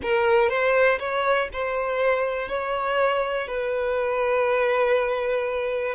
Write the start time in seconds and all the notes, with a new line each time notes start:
0.02 A#4
0.49 C5
0.99 C#5
1.52 C5
2.48 C#5
3.47 B4